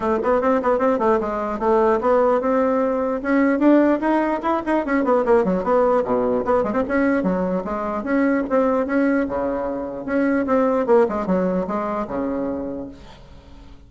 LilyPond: \new Staff \with { instrumentName = "bassoon" } { \time 4/4 \tempo 4 = 149 a8 b8 c'8 b8 c'8 a8 gis4 | a4 b4 c'2 | cis'4 d'4 dis'4 e'8 dis'8 | cis'8 b8 ais8 fis8 b4 b,4 |
b8 gis16 c'16 cis'4 fis4 gis4 | cis'4 c'4 cis'4 cis4~ | cis4 cis'4 c'4 ais8 gis8 | fis4 gis4 cis2 | }